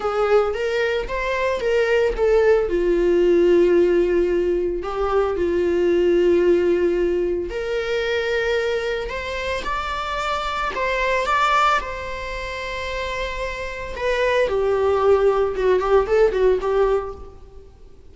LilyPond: \new Staff \with { instrumentName = "viola" } { \time 4/4 \tempo 4 = 112 gis'4 ais'4 c''4 ais'4 | a'4 f'2.~ | f'4 g'4 f'2~ | f'2 ais'2~ |
ais'4 c''4 d''2 | c''4 d''4 c''2~ | c''2 b'4 g'4~ | g'4 fis'8 g'8 a'8 fis'8 g'4 | }